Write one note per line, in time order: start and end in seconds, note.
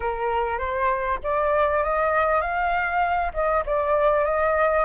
0.00 0.58 A#4
0.58 1.19 C5
1.23 1.83 D5
1.83 2.41 D#5
2.41 3.32 F5
3.33 3.63 D#5
3.66 4.24 D5
4.24 4.85 D#5